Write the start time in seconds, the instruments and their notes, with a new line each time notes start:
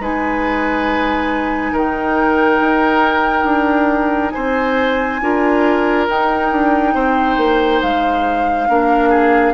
0.00 bassoon G#3, clarinet D#4, oboe B4, flute G#5
1.72 bassoon D#3, oboe A#4, flute G5
2.61 bassoon D#4
3.44 bassoon D4
4.31 bassoon C4, oboe C5, flute G#5
5.22 bassoon D4, clarinet F4, oboe A#4
6.10 bassoon D#4, clarinet D#4, flute G5
6.52 bassoon D4
6.95 bassoon C4, oboe C5
7.37 bassoon A#3
7.82 bassoon G#3, flute F5
8.69 bassoon A#3, clarinet D4, oboe A#4
9.10 oboe G#4